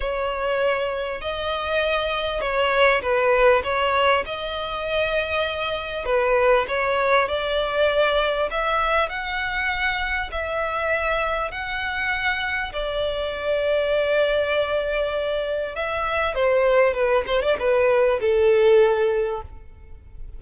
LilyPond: \new Staff \with { instrumentName = "violin" } { \time 4/4 \tempo 4 = 99 cis''2 dis''2 | cis''4 b'4 cis''4 dis''4~ | dis''2 b'4 cis''4 | d''2 e''4 fis''4~ |
fis''4 e''2 fis''4~ | fis''4 d''2.~ | d''2 e''4 c''4 | b'8 c''16 d''16 b'4 a'2 | }